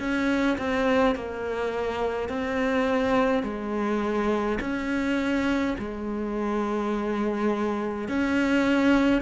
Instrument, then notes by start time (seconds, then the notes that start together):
cello
0.00 C#4
0.58 C4
1.15 A#3
2.29 C4
3.44 G#3
4.61 C#4
5.79 G#3
8.09 C#4